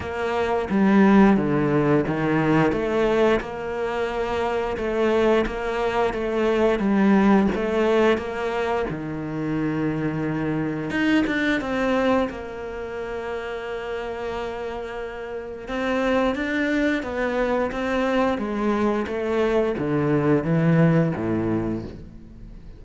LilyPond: \new Staff \with { instrumentName = "cello" } { \time 4/4 \tempo 4 = 88 ais4 g4 d4 dis4 | a4 ais2 a4 | ais4 a4 g4 a4 | ais4 dis2. |
dis'8 d'8 c'4 ais2~ | ais2. c'4 | d'4 b4 c'4 gis4 | a4 d4 e4 a,4 | }